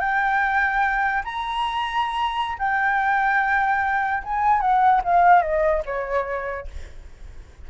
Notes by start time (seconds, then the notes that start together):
0.00 G5
1.24 A#5
2.59 G5
4.24 G#5
4.61 F#5
5.04 F5
5.42 D#5
5.86 C#5